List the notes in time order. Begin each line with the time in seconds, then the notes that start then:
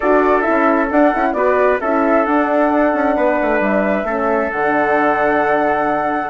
0.00 D4 F#4 A4 D5
0.41 E4 E5
0.48 C#4
0.91 D4 F#5
1.13 C#4 E4
1.33 B3 F#4 B4 D5
1.81 C#4 E4 A4 E5
2.25 D4 F#5
2.93 C#4
3.16 B3 B4
3.41 A3
3.59 G3 E5
4.03 A3 C#4 A4
4.51 D3 D4 F#5